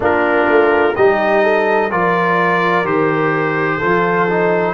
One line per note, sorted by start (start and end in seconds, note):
0.00 0.45 A#3
0.00 0.92 D4
0.00 0.95 F4
0.00 0.95 A#4
0.47 0.95 A3
0.95 1.91 G3
0.95 1.90 D#4
0.95 1.42 G4
0.95 1.90 D#5
1.42 1.90 A4
1.90 2.84 F3
1.90 2.84 F4
1.90 3.78 A#4
1.90 2.86 D5
2.84 3.79 D#3
2.84 3.79 G4
2.84 4.73 C5
3.78 4.28 F4
3.78 4.73 A4
3.84 4.73 F3
4.29 4.73 D#4